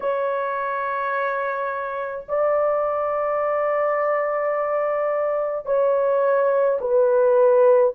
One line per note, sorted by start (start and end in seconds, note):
0.00 2.24 C#5
2.28 5.66 D5
5.66 6.79 C#5
6.80 7.93 B4